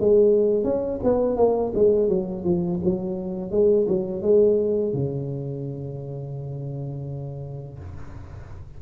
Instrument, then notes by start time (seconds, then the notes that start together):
tuba
0.00 G#3
0.64 C#4
1.03 B3
1.37 A#3
1.74 G#3
2.08 F#3
2.44 F3
2.84 F#3
3.51 G#3
3.88 F#3
4.22 G#3
4.94 C#3